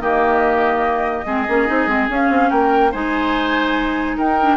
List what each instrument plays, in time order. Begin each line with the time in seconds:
0.00 bassoon D#3, clarinet A#3, oboe G4, flute D#5
1.26 bassoon G#3, clarinet C4, oboe G#4
1.48 bassoon A#3, clarinet C#4
1.67 bassoon C4, clarinet D#4
1.87 bassoon G#3, clarinet C4
2.09 clarinet C#4, bassoon C#4, flute F5
2.30 bassoon C4
2.50 bassoon A#3, oboe A#4, flute G5
2.92 bassoon G#3, clarinet D#4, oboe C5, flute G#5
4.17 bassoon D#4, oboe A#4, flute G5
4.40 clarinet D4